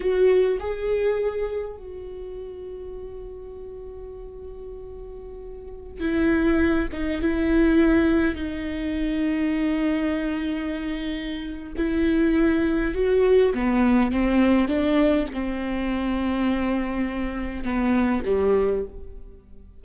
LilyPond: \new Staff \with { instrumentName = "viola" } { \time 4/4 \tempo 4 = 102 fis'4 gis'2 fis'4~ | fis'1~ | fis'2~ fis'16 e'4. dis'16~ | dis'16 e'2 dis'4.~ dis'16~ |
dis'1 | e'2 fis'4 b4 | c'4 d'4 c'2~ | c'2 b4 g4 | }